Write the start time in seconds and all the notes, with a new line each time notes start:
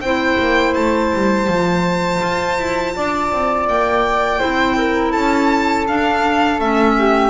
0.00 C4 E4 C5 G5
0.39 A#3
0.73 A3 A5
1.13 G3
1.47 F3 F4
2.22 F4
2.58 E4
2.96 D4 D5
3.32 C4
3.68 A#3 G5
4.39 C4 E4 C5
4.77 A#4
5.11 C#4 A4 A5
5.87 D4 F5
6.59 A3 C#4 E5
6.98 G4